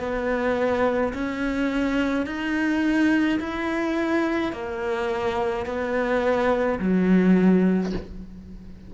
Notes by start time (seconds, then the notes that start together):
0.00 B3
1.14 C#4
2.26 D#4
3.40 E4
4.53 A#3
5.66 B3
6.80 F#3